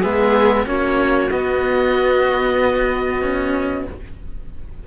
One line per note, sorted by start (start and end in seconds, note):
0.00 0.65 G#3
0.00 0.65 B3
0.00 0.64 G#4
0.00 0.66 E5
0.65 1.29 A#3
0.65 1.29 C#4
0.65 3.86 F#4
0.65 1.31 C#5
1.31 3.86 B3
1.31 3.21 B3
1.31 3.86 D#5
3.21 3.85 C#4